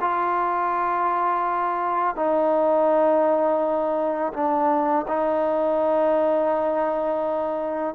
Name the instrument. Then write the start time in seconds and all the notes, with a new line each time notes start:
trombone
0.00 F4
2.15 D#4
4.33 D4
5.07 D#4